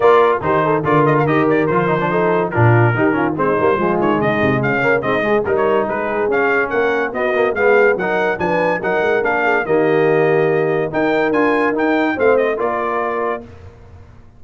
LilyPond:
<<
  \new Staff \with { instrumentName = "trumpet" } { \time 4/4 \tempo 4 = 143 d''4 c''4 d''8 dis''16 f''16 dis''8 d''8 | c''2 ais'2 | c''4. cis''8 dis''4 f''4 | dis''4 ais'16 cis''8. b'4 f''4 |
fis''4 dis''4 f''4 fis''4 | gis''4 fis''4 f''4 dis''4~ | dis''2 g''4 gis''4 | g''4 f''8 dis''8 d''2 | }
  \new Staff \with { instrumentName = "horn" } { \time 4/4 ais'4 g'8 a'8 ais'2~ | ais'4 a'4 f'4 g'8 f'8 | dis'4 f'4 dis'4 cis'4 | dis'8 gis'8 ais'4 gis'2 |
ais'4 fis'4 gis'4 ais'4 | b'4 ais'4. gis'8 g'4~ | g'2 ais'2~ | ais'4 c''4 ais'2 | }
  \new Staff \with { instrumentName = "trombone" } { \time 4/4 f'4 dis'4 f'4 g'4 | f'8 dis'16 d'16 dis'4 d'4 dis'8 cis'8 | c'8 ais8 gis2~ gis8 ais8 | c'8 gis8 dis'2 cis'4~ |
cis'4 b8 ais8 b4 dis'4 | d'4 dis'4 d'4 ais4~ | ais2 dis'4 f'4 | dis'4 c'4 f'2 | }
  \new Staff \with { instrumentName = "tuba" } { \time 4/4 ais4 dis4 d4 dis4 | f2 ais,4 dis4 | gis8 g8 f8 dis8 cis8 c8 cis4 | gis4 g4 gis4 cis'4 |
ais4 b4 gis4 fis4 | f4 fis8 gis8 ais4 dis4~ | dis2 dis'4 d'4 | dis'4 a4 ais2 | }
>>